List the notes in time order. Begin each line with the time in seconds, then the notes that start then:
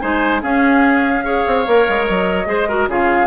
0.00 G#3 D#4 C5 G#5
0.42 C#4 G#4 F5
1.24 G#4 C#5
1.47 C4
1.67 A#3 A#4
1.89 G#3
2.06 F#3 D#5
2.46 G#3 G#4 C5
2.68 F#4 A#4
2.88 C#3 F4 G#4 F5